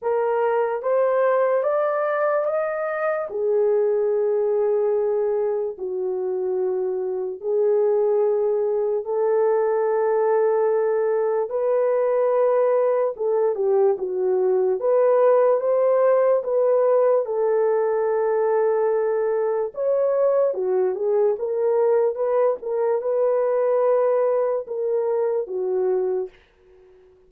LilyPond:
\new Staff \with { instrumentName = "horn" } { \time 4/4 \tempo 4 = 73 ais'4 c''4 d''4 dis''4 | gis'2. fis'4~ | fis'4 gis'2 a'4~ | a'2 b'2 |
a'8 g'8 fis'4 b'4 c''4 | b'4 a'2. | cis''4 fis'8 gis'8 ais'4 b'8 ais'8 | b'2 ais'4 fis'4 | }